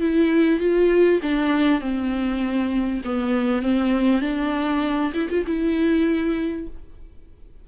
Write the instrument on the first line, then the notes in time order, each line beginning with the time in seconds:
viola
0.00 E4
0.60 F4
1.22 D4
1.80 C4
3.05 B3
3.62 C4
4.21 D4
5.14 E4
5.30 F4
5.46 E4